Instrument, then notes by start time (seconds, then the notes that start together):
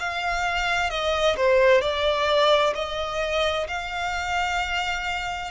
violin
0.00 F5
0.90 D#5
1.37 C5
1.81 D5
2.75 D#5
3.68 F5